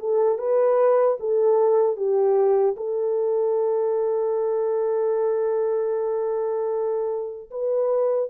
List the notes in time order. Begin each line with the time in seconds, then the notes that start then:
0.00 A4
0.39 B4
1.21 A4
1.97 G4
2.77 A4
7.51 B4